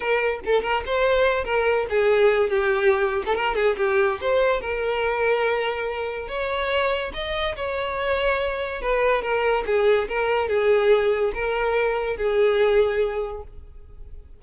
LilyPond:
\new Staff \with { instrumentName = "violin" } { \time 4/4 \tempo 4 = 143 ais'4 a'8 ais'8 c''4. ais'8~ | ais'8 gis'4. g'4.~ g'16 a'16 | ais'8 gis'8 g'4 c''4 ais'4~ | ais'2. cis''4~ |
cis''4 dis''4 cis''2~ | cis''4 b'4 ais'4 gis'4 | ais'4 gis'2 ais'4~ | ais'4 gis'2. | }